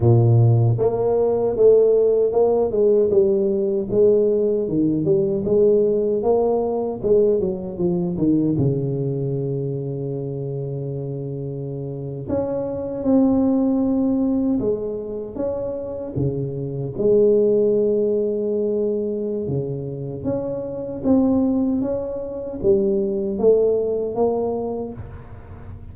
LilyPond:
\new Staff \with { instrumentName = "tuba" } { \time 4/4 \tempo 4 = 77 ais,4 ais4 a4 ais8 gis8 | g4 gis4 dis8 g8 gis4 | ais4 gis8 fis8 f8 dis8 cis4~ | cis2.~ cis8. cis'16~ |
cis'8. c'2 gis4 cis'16~ | cis'8. cis4 gis2~ gis16~ | gis4 cis4 cis'4 c'4 | cis'4 g4 a4 ais4 | }